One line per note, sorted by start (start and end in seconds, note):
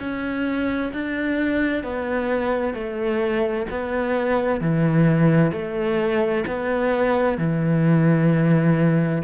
0.00 0.92 C#4
0.93 1.83 D4
1.83 2.74 B3
2.74 3.66 A3
3.70 4.61 B3
4.61 5.52 E3
5.52 6.44 A3
6.47 7.38 B3
7.38 9.22 E3